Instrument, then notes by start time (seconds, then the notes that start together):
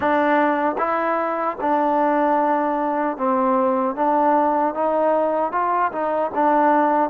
trombone
0.00 D4
0.78 E4
1.60 D4
3.17 C4
3.95 D4
4.74 D#4
5.52 F4
5.91 D#4
6.34 D4